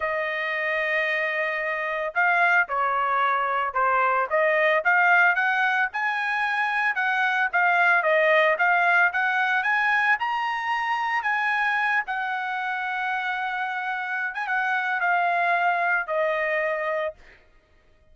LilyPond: \new Staff \with { instrumentName = "trumpet" } { \time 4/4 \tempo 4 = 112 dis''1 | f''4 cis''2 c''4 | dis''4 f''4 fis''4 gis''4~ | gis''4 fis''4 f''4 dis''4 |
f''4 fis''4 gis''4 ais''4~ | ais''4 gis''4. fis''4.~ | fis''2~ fis''8. gis''16 fis''4 | f''2 dis''2 | }